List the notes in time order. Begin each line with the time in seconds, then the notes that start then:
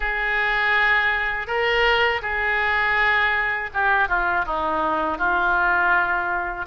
0.00 G#4
1.47 A#4
2.22 G#4
3.73 G4
4.08 F4
4.45 D#4
5.18 F4